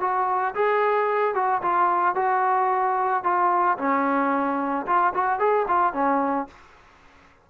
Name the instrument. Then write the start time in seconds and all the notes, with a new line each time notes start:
trombone
0.00 F#4
0.55 G#4
1.34 F#4
1.62 F4
2.15 F#4
3.24 F4
3.78 C#4
4.86 F4
5.14 F#4
5.39 G#4
5.68 F4
5.93 C#4